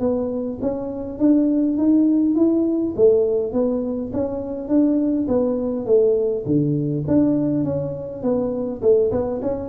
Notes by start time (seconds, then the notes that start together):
0.00 B3
0.61 C#4
1.19 D4
1.77 D#4
2.36 E4
2.96 A3
3.52 B3
4.13 C#4
4.68 D4
5.28 B3
5.86 A3
6.46 D3
7.07 D4
7.64 C#4
8.23 B3
8.82 A3
9.11 B3
9.42 C#4